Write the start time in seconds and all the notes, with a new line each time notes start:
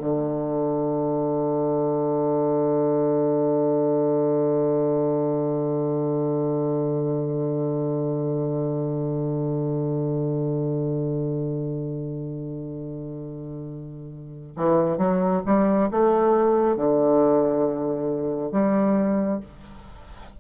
0.00 D3
14.57 E3
14.98 F#3
15.46 G3
15.91 A3
16.76 D3
18.52 G3